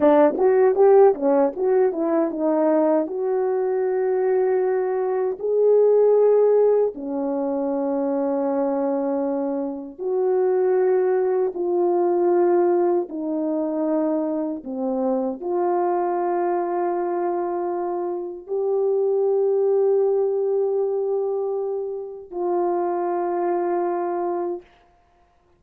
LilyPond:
\new Staff \with { instrumentName = "horn" } { \time 4/4 \tempo 4 = 78 d'8 fis'8 g'8 cis'8 fis'8 e'8 dis'4 | fis'2. gis'4~ | gis'4 cis'2.~ | cis'4 fis'2 f'4~ |
f'4 dis'2 c'4 | f'1 | g'1~ | g'4 f'2. | }